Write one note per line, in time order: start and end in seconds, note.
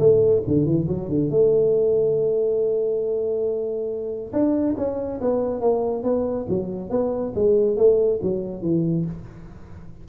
0.00 0.43 A3
0.47 0.66 D3
0.66 0.88 E3
0.88 1.09 F#3
1.09 1.30 D3
1.30 4.32 A3
4.33 4.76 D4
4.78 5.21 C#4
5.21 5.61 B3
5.61 6.04 A#3
6.04 6.47 B3
6.49 6.90 F#3
6.90 7.34 B3
7.36 7.77 G#3
7.77 8.21 A3
8.23 8.62 F#3
8.62 9.05 E3